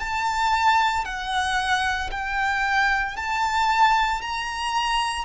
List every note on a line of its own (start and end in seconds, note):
0.00 1.05 A5
1.05 2.10 F#5
2.11 3.17 G5
3.17 4.22 A5
4.22 5.25 A#5